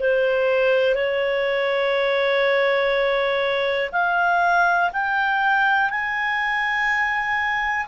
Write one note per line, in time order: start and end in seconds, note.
0.00 0.95 C5
0.95 3.90 C#5
3.92 4.90 F5
4.93 5.90 G5
5.90 7.87 G#5